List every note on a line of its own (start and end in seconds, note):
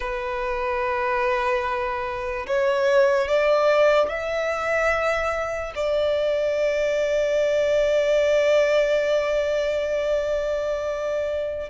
0.00 2.46 B4
2.47 3.28 C#5
3.28 4.08 D5
4.08 5.73 E5
5.75 11.70 D5